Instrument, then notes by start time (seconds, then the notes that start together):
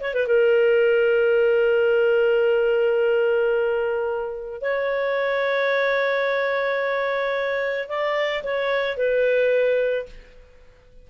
clarinet
0.00 C#5
0.14 B4
0.27 A#4
4.61 C#5
7.89 D5
8.43 C#5
8.97 B4